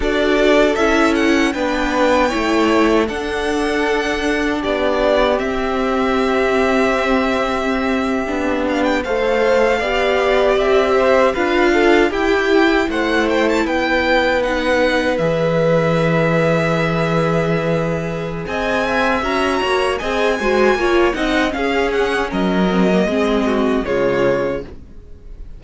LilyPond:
<<
  \new Staff \with { instrumentName = "violin" } { \time 4/4 \tempo 4 = 78 d''4 e''8 fis''8 g''2 | fis''2 d''4 e''4~ | e''2.~ e''16 f''16 g''16 f''16~ | f''4.~ f''16 e''4 f''4 g''16~ |
g''8. fis''8 g''16 a''16 g''4 fis''4 e''16~ | e''1 | gis''4 ais''4 gis''4. fis''8 | f''8 fis''8 dis''2 cis''4 | }
  \new Staff \with { instrumentName = "violin" } { \time 4/4 a'2 b'4 cis''4 | a'2 g'2~ | g'2.~ g'8. c''16~ | c''8. d''4. c''8 b'8 a'8 g'16~ |
g'8. c''4 b'2~ b'16~ | b'1 | dis''8 e''4 cis''8 dis''8 c''8 cis''8 dis''8 | gis'4 ais'4 gis'8 fis'8 f'4 | }
  \new Staff \with { instrumentName = "viola" } { \time 4/4 fis'4 e'4 d'4 e'4 | d'2. c'4~ | c'2~ c'8. d'4 a'16~ | a'8. g'2 f'4 e'16~ |
e'2~ e'8. dis'4 gis'16~ | gis'1~ | gis'4 fis'4 gis'8 fis'8 f'8 dis'8 | cis'4. c'16 ais16 c'4 gis4 | }
  \new Staff \with { instrumentName = "cello" } { \time 4/4 d'4 cis'4 b4 a4 | d'2 b4 c'4~ | c'2~ c'8. b4 a16~ | a8. b4 c'4 d'4 e'16~ |
e'8. a4 b2 e16~ | e1 | c'4 cis'8 ais8 c'8 gis8 ais8 c'8 | cis'4 fis4 gis4 cis4 | }
>>